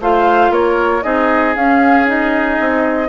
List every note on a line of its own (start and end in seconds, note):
0.00 0.50 A3
0.00 1.02 F4
0.00 0.52 C5
0.00 0.52 F5
0.50 1.02 A#3
0.50 1.04 A#4
0.50 1.03 C#5
1.02 1.56 C4
1.02 1.54 D#4
1.02 3.09 G#4
1.02 1.55 D#5
1.56 2.59 C#4
1.56 2.06 C#4
1.56 2.08 F5
2.06 3.09 D#4
2.06 3.09 D#5
2.60 3.09 C4